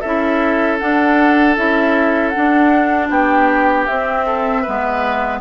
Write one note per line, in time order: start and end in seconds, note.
0.00 0.81 C#4
0.00 0.79 E4
0.00 3.08 A4
0.00 0.77 E5
0.78 1.56 D4
0.78 1.57 D4
0.78 1.55 F#5
1.56 2.34 C#4
1.56 2.33 E4
1.56 2.29 E5
2.29 3.88 D4
2.29 3.06 F#5
2.37 3.09 D4
3.09 3.86 B3
3.09 4.25 G4
3.09 3.86 G5
3.86 4.65 C4
3.86 4.66 C4
3.86 5.39 E5
4.26 4.62 A4
4.62 5.41 G#3
4.62 5.41 B3
4.62 5.38 B4